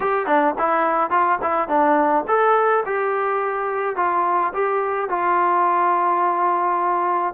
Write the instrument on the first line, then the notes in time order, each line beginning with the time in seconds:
trombone
0.00 G4
0.26 D4
0.58 E4
1.10 F4
1.42 E4
1.68 D4
2.27 A4
2.85 G4
3.96 F4
4.53 G4
5.09 F4